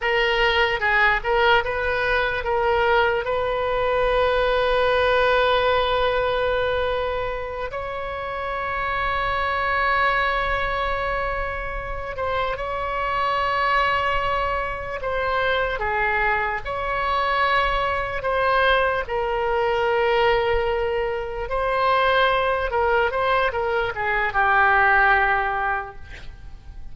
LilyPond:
\new Staff \with { instrumentName = "oboe" } { \time 4/4 \tempo 4 = 74 ais'4 gis'8 ais'8 b'4 ais'4 | b'1~ | b'4. cis''2~ cis''8~ | cis''2. c''8 cis''8~ |
cis''2~ cis''8 c''4 gis'8~ | gis'8 cis''2 c''4 ais'8~ | ais'2~ ais'8 c''4. | ais'8 c''8 ais'8 gis'8 g'2 | }